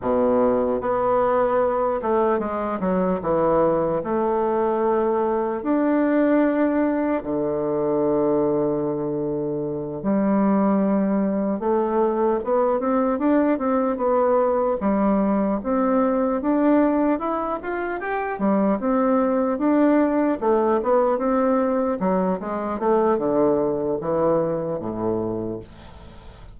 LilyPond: \new Staff \with { instrumentName = "bassoon" } { \time 4/4 \tempo 4 = 75 b,4 b4. a8 gis8 fis8 | e4 a2 d'4~ | d'4 d2.~ | d8 g2 a4 b8 |
c'8 d'8 c'8 b4 g4 c'8~ | c'8 d'4 e'8 f'8 g'8 g8 c'8~ | c'8 d'4 a8 b8 c'4 fis8 | gis8 a8 d4 e4 a,4 | }